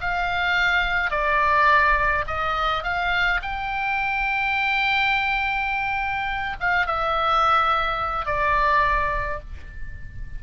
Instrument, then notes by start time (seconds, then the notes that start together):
oboe
0.00 F5
1.10 D5
2.26 D#5
2.83 F5
3.42 G5
6.60 F5
6.86 E5
8.25 D5